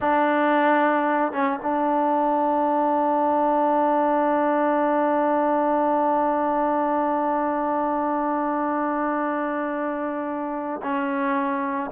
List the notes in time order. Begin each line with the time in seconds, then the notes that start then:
0.00 D4
1.32 C#4
1.62 D4
10.82 C#4